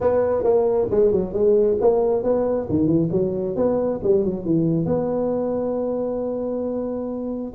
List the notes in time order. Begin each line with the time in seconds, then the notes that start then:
0.00 B3
0.43 A#3
0.90 G#3
1.12 F#3
1.33 G#3
1.80 A#3
2.23 B3
2.69 D#3
2.86 E3
3.11 F#3
3.56 B3
4.03 G3
4.24 F#3
4.45 E3
4.85 B3